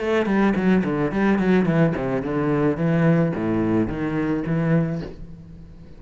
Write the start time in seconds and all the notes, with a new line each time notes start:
0.00 A3
0.26 G3
0.56 F#3
0.84 D3
1.12 G3
1.39 F#3
1.66 E3
1.96 C3
2.22 D3
2.77 E3
3.36 A2
3.88 D#3
4.47 E3